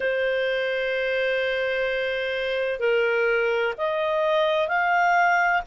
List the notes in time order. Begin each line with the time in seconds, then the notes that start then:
0.00 C5
2.79 A#4
3.77 D#5
4.68 F5